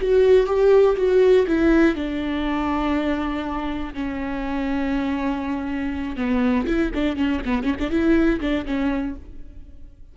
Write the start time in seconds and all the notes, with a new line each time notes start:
0.00 F#4
0.46 G4
0.96 F#4
1.47 E4
1.95 D4
3.94 C#4
6.16 B3
6.66 E4
6.94 D4
7.16 C#4
7.45 B3
7.63 C#4
7.79 D4
7.90 E4
8.40 D4
8.66 C#4